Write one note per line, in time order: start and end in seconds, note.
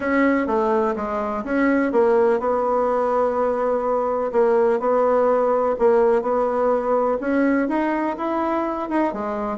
0.00 0.46 C#4
0.46 0.94 A3
0.96 1.44 G#3
1.44 1.91 C#4
1.91 2.39 A#3
2.39 4.31 B3
4.32 4.79 A#3
4.79 5.75 B3
5.78 6.22 A#3
6.22 7.18 B3
7.20 7.68 C#4
7.68 8.16 D#4
8.17 8.89 E4
8.89 9.13 D#4
9.13 9.58 G#3